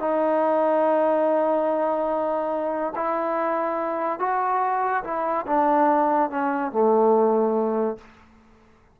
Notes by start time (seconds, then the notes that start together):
0.00 D#4
2.96 E4
4.19 F#4
5.04 E4
5.47 D4
6.30 C#4
6.72 A3